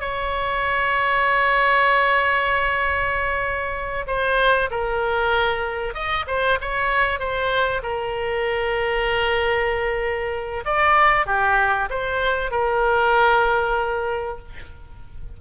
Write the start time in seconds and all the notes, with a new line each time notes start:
0.00 C#5
4.07 C5
4.70 A#4
5.94 D#5
6.27 C5
6.61 C#5
7.19 C5
7.83 A#4
10.65 D5
11.26 G4
11.90 C5
12.51 A#4